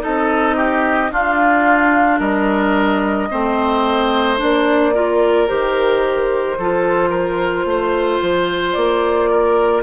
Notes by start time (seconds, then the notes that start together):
0.00 C4 D#4 A4 D#5
0.56 G4
1.11 D4 F4 F5
2.19 G3 A#4 D#5
3.30 A3 C4 C5
4.38 A#3 D4 D5
4.94 F4 A#4
5.47 D#3 G4 C5
6.58 F3 F4 A4
7.10 A#4
7.65 A3 C5
8.22 F3
8.73 A#3 D5
9.30 A#4